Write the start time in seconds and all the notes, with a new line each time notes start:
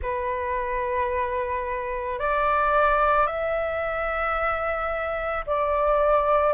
0.01 B4
2.19 D5
3.26 E5
5.46 D5